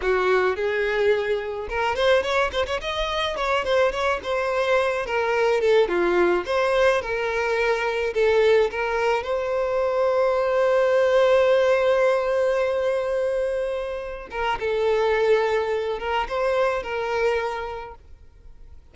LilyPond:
\new Staff \with { instrumentName = "violin" } { \time 4/4 \tempo 4 = 107 fis'4 gis'2 ais'8 c''8 | cis''8 c''16 cis''16 dis''4 cis''8 c''8 cis''8 c''8~ | c''4 ais'4 a'8 f'4 c''8~ | c''8 ais'2 a'4 ais'8~ |
ais'8 c''2.~ c''8~ | c''1~ | c''4. ais'8 a'2~ | a'8 ais'8 c''4 ais'2 | }